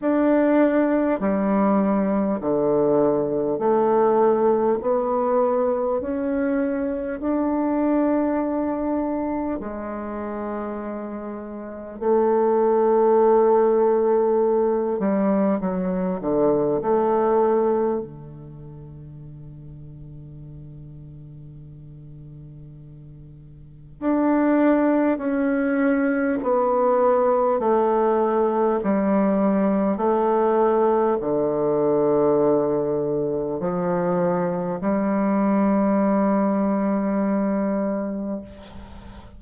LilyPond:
\new Staff \with { instrumentName = "bassoon" } { \time 4/4 \tempo 4 = 50 d'4 g4 d4 a4 | b4 cis'4 d'2 | gis2 a2~ | a8 g8 fis8 d8 a4 d4~ |
d1 | d'4 cis'4 b4 a4 | g4 a4 d2 | f4 g2. | }